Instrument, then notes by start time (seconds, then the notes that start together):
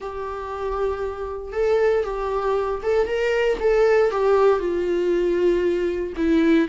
viola
0.00 G4
1.52 A4
2.04 G4
2.82 A4
3.07 A#4
3.60 A4
4.10 G4
4.59 F4
6.17 E4